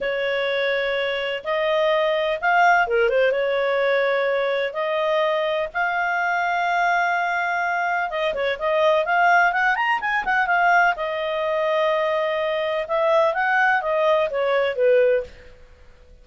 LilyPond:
\new Staff \with { instrumentName = "clarinet" } { \time 4/4 \tempo 4 = 126 cis''2. dis''4~ | dis''4 f''4 ais'8 c''8 cis''4~ | cis''2 dis''2 | f''1~ |
f''4 dis''8 cis''8 dis''4 f''4 | fis''8 ais''8 gis''8 fis''8 f''4 dis''4~ | dis''2. e''4 | fis''4 dis''4 cis''4 b'4 | }